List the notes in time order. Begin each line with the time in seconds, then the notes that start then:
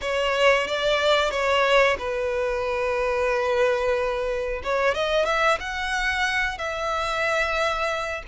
0.01 C#5
0.67 D5
1.30 C#5
1.98 B4
4.63 C#5
4.94 D#5
5.25 E5
5.60 F#5
6.58 E5